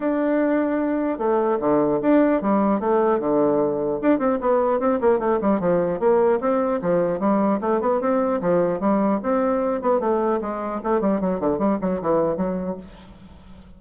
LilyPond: \new Staff \with { instrumentName = "bassoon" } { \time 4/4 \tempo 4 = 150 d'2. a4 | d4 d'4 g4 a4 | d2 d'8 c'8 b4 | c'8 ais8 a8 g8 f4 ais4 |
c'4 f4 g4 a8 b8 | c'4 f4 g4 c'4~ | c'8 b8 a4 gis4 a8 g8 | fis8 d8 g8 fis8 e4 fis4 | }